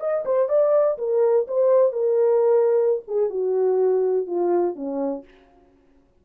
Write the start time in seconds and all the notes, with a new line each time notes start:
0.00 D#5
0.25 C5
0.49 D5
0.98 A#4
1.48 C5
1.92 A#4
3.08 G#4
3.29 F#4
4.27 F4
4.75 C#4